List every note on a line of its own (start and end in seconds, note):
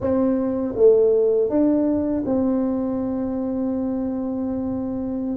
0.00 0.74 C4
0.75 1.49 A3
1.49 2.23 D4
2.25 5.36 C4